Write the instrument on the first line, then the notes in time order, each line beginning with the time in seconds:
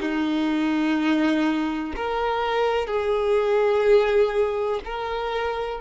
violin
0.00 D#4
1.96 A#4
2.86 G#4
4.84 A#4